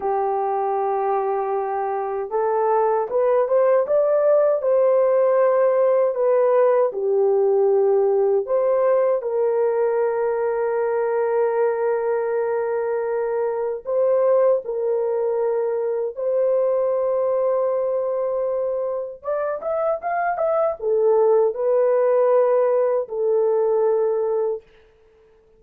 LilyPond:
\new Staff \with { instrumentName = "horn" } { \time 4/4 \tempo 4 = 78 g'2. a'4 | b'8 c''8 d''4 c''2 | b'4 g'2 c''4 | ais'1~ |
ais'2 c''4 ais'4~ | ais'4 c''2.~ | c''4 d''8 e''8 f''8 e''8 a'4 | b'2 a'2 | }